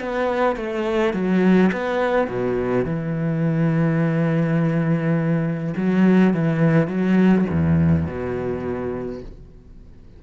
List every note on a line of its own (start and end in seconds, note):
0.00 0.57 B3
0.57 1.14 A3
1.14 1.72 F#3
1.73 2.28 B3
2.28 2.85 B2
2.85 5.74 E3
5.77 6.34 F#3
6.34 6.88 E3
6.88 7.45 F#3
7.51 8.07 E2
8.07 9.22 B2